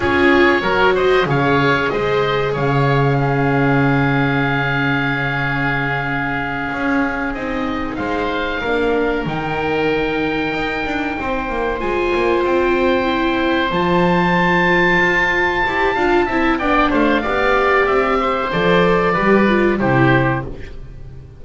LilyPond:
<<
  \new Staff \with { instrumentName = "oboe" } { \time 4/4 \tempo 4 = 94 cis''4. dis''8 f''4 dis''4 | f''1~ | f''2.~ f''8 dis''8~ | dis''8 f''2 g''4.~ |
g''2~ g''8 gis''4 g''8~ | g''4. a''2~ a''8~ | a''2 g''8 f''4. | e''4 d''2 c''4 | }
  \new Staff \with { instrumentName = "oboe" } { \time 4/4 gis'4 ais'8 c''8 cis''4 c''4 | cis''4 gis'2.~ | gis'1~ | gis'8 c''4 ais'2~ ais'8~ |
ais'4. c''2~ c''8~ | c''1~ | c''4 f''8 e''8 d''8 c''8 d''4~ | d''8 c''4. b'4 g'4 | }
  \new Staff \with { instrumentName = "viola" } { \time 4/4 f'4 fis'4 gis'2~ | gis'4 cis'2.~ | cis'2.~ cis'8 dis'8~ | dis'4. d'4 dis'4.~ |
dis'2~ dis'8 f'4.~ | f'8 e'4 f'2~ f'8~ | f'8 g'8 f'8 e'8 d'4 g'4~ | g'4 a'4 g'8 f'8 e'4 | }
  \new Staff \with { instrumentName = "double bass" } { \time 4/4 cis'4 fis4 cis4 gis4 | cis1~ | cis2~ cis8 cis'4 c'8~ | c'8 gis4 ais4 dis4.~ |
dis8 dis'8 d'8 c'8 ais8 gis8 ais8 c'8~ | c'4. f2 f'8~ | f'8 e'8 d'8 c'8 b8 a8 b4 | c'4 f4 g4 c4 | }
>>